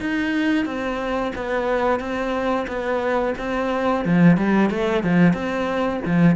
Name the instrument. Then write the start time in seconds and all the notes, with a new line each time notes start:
cello
0.00 D#4
0.65 C4
1.35 B3
1.99 C4
2.67 B3
3.38 C4
4.05 F3
4.37 G3
4.70 A3
5.03 F3
5.33 C4
6.05 F3